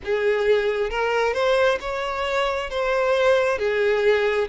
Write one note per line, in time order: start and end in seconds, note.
0.04 0.90 G#4
0.90 1.33 A#4
1.33 1.78 C5
1.80 2.69 C#5
2.69 3.58 C5
3.58 4.48 G#4